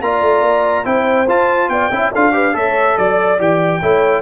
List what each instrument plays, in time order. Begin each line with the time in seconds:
0.00 tuba A#3, trombone F4, horn D5, trumpet A#5
0.21 tuba A3
0.42 tuba A#3
0.84 tuba C4, trombone E4, horn C5, trumpet G5
1.27 tuba F4, trombone F4, trumpet A5
1.68 tuba B3, horn D5, trumpet G5
1.90 tuba C#4, trombone E4, horn E5
2.12 tuba D4, trombone F4, horn A4, trumpet F5
2.32 trombone G4, horn B4
2.53 tuba A3, trombone A4, horn C#5, trumpet E5
2.96 tuba F#3, horn D5, trumpet D5
3.38 tuba E3, trombone G4, trumpet G5
3.81 tuba A3, trombone E4, horn C#5